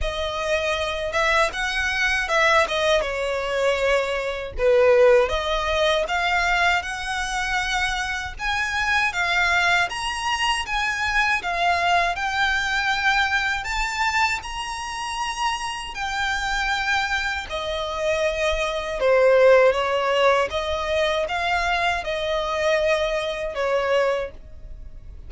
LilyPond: \new Staff \with { instrumentName = "violin" } { \time 4/4 \tempo 4 = 79 dis''4. e''8 fis''4 e''8 dis''8 | cis''2 b'4 dis''4 | f''4 fis''2 gis''4 | f''4 ais''4 gis''4 f''4 |
g''2 a''4 ais''4~ | ais''4 g''2 dis''4~ | dis''4 c''4 cis''4 dis''4 | f''4 dis''2 cis''4 | }